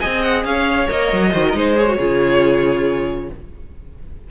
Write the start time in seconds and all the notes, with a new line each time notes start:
0.00 C4 G#4 D#5 G#5
0.22 F#5
0.45 C#4 C#5 F5
0.88 A#3 A#4 D#5
1.13 F#3
1.33 D#3 F#4 C5
1.48 G#3 A#4
1.54 D#4 C5
1.76 G#4 C#5
1.87 F#4
1.97 C#3 F4 G#4